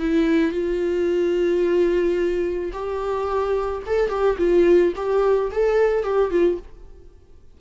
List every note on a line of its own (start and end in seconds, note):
0.00 0.52 E4
0.52 2.72 F4
2.73 3.83 G4
3.87 4.10 A4
4.10 4.37 G4
4.39 4.94 F4
4.96 5.51 G4
5.52 6.04 A4
6.04 6.31 G4
6.31 6.59 F4